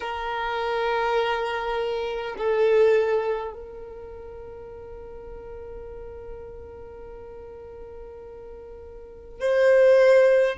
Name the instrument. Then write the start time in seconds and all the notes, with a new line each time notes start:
violin
0.00 A#4
2.37 A4
3.53 A#4
9.40 C5